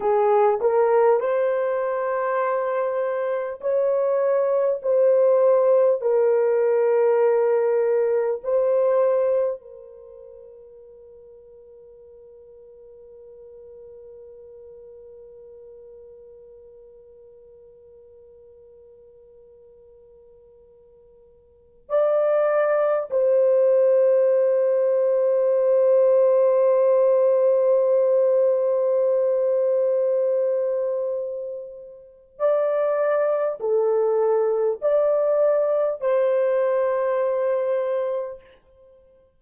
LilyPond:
\new Staff \with { instrumentName = "horn" } { \time 4/4 \tempo 4 = 50 gis'8 ais'8 c''2 cis''4 | c''4 ais'2 c''4 | ais'1~ | ais'1~ |
ais'2~ ais'16 d''4 c''8.~ | c''1~ | c''2. d''4 | a'4 d''4 c''2 | }